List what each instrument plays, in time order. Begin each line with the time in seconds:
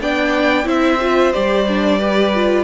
0.00 cello B3, viola D4, violin D5 G5
0.64 cello C4, viola E4, violin C5 E5
1.00 viola F4
1.32 cello G3, viola G4, violin D5
1.67 viola D4
1.98 viola G4, violin B4
2.34 viola F4